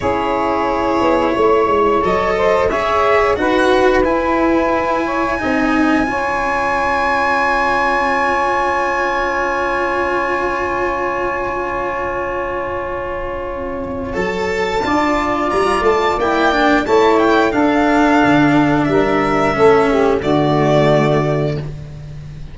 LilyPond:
<<
  \new Staff \with { instrumentName = "violin" } { \time 4/4 \tempo 4 = 89 cis''2. dis''4 | e''4 fis''4 gis''2~ | gis''1~ | gis''1~ |
gis''1~ | gis''4 a''2 ais''8 a''8 | g''4 a''8 g''8 f''2 | e''2 d''2 | }
  \new Staff \with { instrumentName = "saxophone" } { \time 4/4 gis'2 cis''4. c''8 | cis''4 b'2~ b'8 cis''8 | dis''4 cis''2.~ | cis''1~ |
cis''1~ | cis''2 d''2~ | d''4 cis''4 a'2 | ais'4 a'8 g'8 fis'2 | }
  \new Staff \with { instrumentName = "cello" } { \time 4/4 e'2. a'4 | gis'4 fis'4 e'2 | dis'4 f'2.~ | f'1~ |
f'1~ | f'4 a'4 f'2 | e'8 d'8 e'4 d'2~ | d'4 cis'4 a2 | }
  \new Staff \with { instrumentName = "tuba" } { \time 4/4 cis'4. b8 a8 gis8 fis4 | cis'4 dis'4 e'2 | c'4 cis'2.~ | cis'1~ |
cis'1~ | cis'4 fis4 d'4 g8 a8 | ais4 a4 d'4 d4 | g4 a4 d2 | }
>>